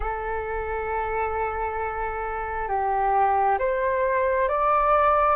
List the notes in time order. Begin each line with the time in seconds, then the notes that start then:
0.00 A4
2.68 G4
3.59 C5
4.48 D5